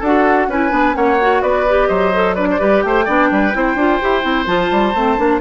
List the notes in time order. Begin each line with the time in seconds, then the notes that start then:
0.00 D4 F#4 A4 F#5
0.48 C#4 E4 B4 G#5
0.70 B3 D4
0.94 A#3 C#4 C#5 F#5
1.21 F#4
1.42 B3 B4 D5
1.69 G4
1.88 F#3 C5 D#5
2.14 A4
2.35 D4 B4 D5
2.51 C5
2.59 G3 G4 B4
2.82 A3 C5 G5
3.05 B3 D4 D5
3.31 G3 B4
3.53 C4 E4 C5
3.76 D4 F4
4.02 E4 G4
4.22 C4 E4
4.47 F3 F4 A5
4.72 G3
4.95 A3 C4
5.18 A#3 D4